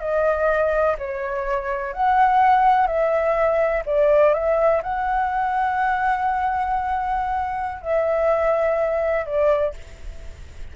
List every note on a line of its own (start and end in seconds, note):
0.00 0.96 D#5
0.98 1.93 C#5
1.93 2.87 F#5
2.87 3.83 E5
3.86 4.34 D5
4.34 4.82 E5
4.82 7.82 F#5
7.82 9.26 E5
9.26 9.74 D5